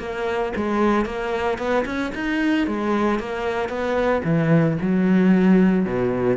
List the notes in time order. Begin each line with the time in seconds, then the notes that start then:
0.00 A#3
0.57 G#3
1.06 A#3
1.59 B3
1.86 C#4
2.15 D#4
2.67 G#3
3.20 A#3
3.69 B3
4.25 E3
4.82 F#3
5.86 B2